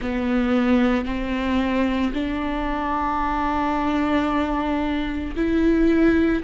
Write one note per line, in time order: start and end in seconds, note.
0.01 1.05 B3
1.05 2.12 C4
2.13 5.35 D4
5.36 6.43 E4